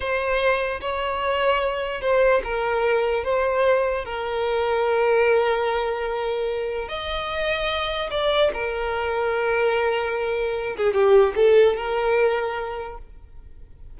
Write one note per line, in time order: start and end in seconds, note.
0.00 0.80 C5
0.80 2.01 C#5
2.01 2.41 C5
2.43 3.24 A#4
3.24 4.04 C5
4.04 6.88 A#4
6.88 8.10 D#5
8.10 8.50 D5
8.53 10.76 A#4
10.76 10.93 G#4
10.93 11.34 G4
11.35 11.76 A4
11.76 12.97 A#4